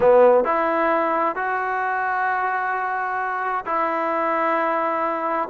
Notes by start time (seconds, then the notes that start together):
0.00 B3
0.44 E4
1.35 F#4
3.65 E4